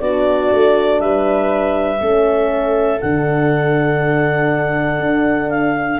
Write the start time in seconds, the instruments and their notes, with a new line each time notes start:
0.00 tuba B3, horn D4, viola F#4, clarinet D5
0.51 tuba A3
1.00 tuba G3, viola B4, clarinet E5
2.01 tuba A3, horn C#4, viola A4
3.00 tuba D3, horn D4, clarinet F#5
4.99 tuba D4
5.50 clarinet F5